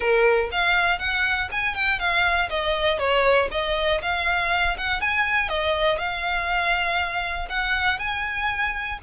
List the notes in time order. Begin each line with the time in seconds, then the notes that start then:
0.00 A#4
0.51 F5
0.98 F#5
1.51 G#5
1.74 G5
1.99 F5
2.49 D#5
2.98 C#5
3.51 D#5
4.02 F5
4.77 F#5
5.00 G#5
5.48 D#5
5.98 F5
7.49 F#5
7.98 G#5